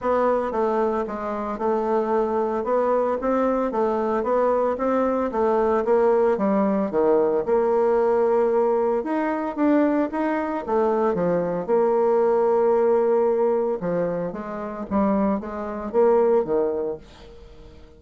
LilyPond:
\new Staff \with { instrumentName = "bassoon" } { \time 4/4 \tempo 4 = 113 b4 a4 gis4 a4~ | a4 b4 c'4 a4 | b4 c'4 a4 ais4 | g4 dis4 ais2~ |
ais4 dis'4 d'4 dis'4 | a4 f4 ais2~ | ais2 f4 gis4 | g4 gis4 ais4 dis4 | }